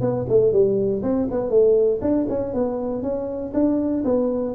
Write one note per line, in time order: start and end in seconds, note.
0.00 0.25 B3
0.28 0.52 A3
0.52 1.02 G3
1.02 1.27 C4
1.30 1.50 B3
1.50 2.00 A3
2.01 2.26 D4
2.28 2.53 C#4
2.53 3.02 B3
3.02 3.52 C#4
3.53 4.03 D4
4.04 4.54 B3